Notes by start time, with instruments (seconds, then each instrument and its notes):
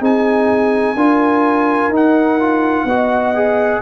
0.00 tuba C4, trombone D#4, horn G#4, trumpet G#5
0.95 tuba D4, trombone F4, horn A#4
1.88 tuba D#4, trombone D#4
1.96 trumpet F#5
2.40 trombone F4
2.85 tuba B3, trombone F#4, horn D#5
3.35 trombone G#4